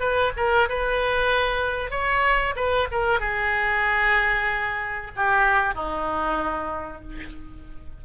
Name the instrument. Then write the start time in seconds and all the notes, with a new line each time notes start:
oboe
0.00 B4
0.37 A#4
0.69 B4
1.91 C#5
2.56 B4
2.92 A#4
3.20 G#4
5.16 G4
5.75 D#4